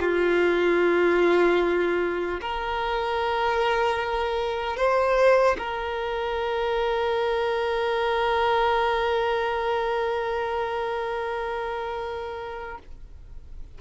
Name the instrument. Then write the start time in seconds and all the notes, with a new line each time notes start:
violin
0.00 F4
2.41 A#4
4.77 C5
5.58 A#4